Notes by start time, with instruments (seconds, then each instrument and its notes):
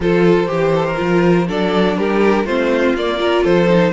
0.00 cello F3, viola F4, violin A4 C5
0.46 cello E3, viola G4, violin G4
0.75 violin A4
0.86 violin A#4
0.96 cello F3, viola F4
1.47 cello F#3, viola D4, violin A4 D5
1.97 cello G3, violin G4 A#4
2.44 cello A3, viola C4, violin F4 C5
2.94 cello A#3, viola A#3, violin D5
3.17 viola F4, violin A#4
3.43 cello F3, violin A4 C5
3.68 viola D#4